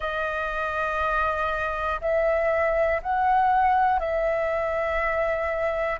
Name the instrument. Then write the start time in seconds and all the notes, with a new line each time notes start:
flute
0.00 D#5
2.01 E5
3.02 F#5
3.99 E5